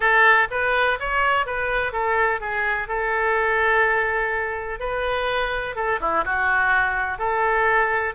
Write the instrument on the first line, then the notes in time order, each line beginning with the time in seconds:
oboe
0.00 A4
0.50 B4
0.99 C#5
1.46 B4
1.92 A4
2.40 G#4
2.88 A4
4.79 B4
5.75 A4
6.00 E4
6.24 F#4
7.18 A4